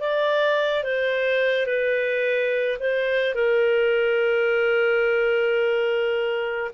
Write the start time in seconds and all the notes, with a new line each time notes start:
0.00 D5
0.83 C5
1.66 B4
2.79 C5
3.34 A#4